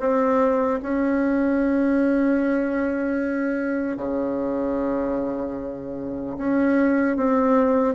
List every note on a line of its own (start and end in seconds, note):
0.00 0.80 C4
0.83 3.97 C#4
3.97 6.37 C#3
6.38 7.17 C#4
7.17 7.95 C4